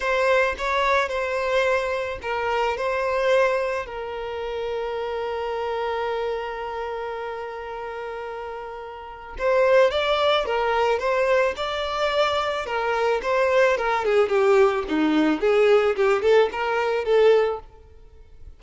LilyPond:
\new Staff \with { instrumentName = "violin" } { \time 4/4 \tempo 4 = 109 c''4 cis''4 c''2 | ais'4 c''2 ais'4~ | ais'1~ | ais'1~ |
ais'4 c''4 d''4 ais'4 | c''4 d''2 ais'4 | c''4 ais'8 gis'8 g'4 dis'4 | gis'4 g'8 a'8 ais'4 a'4 | }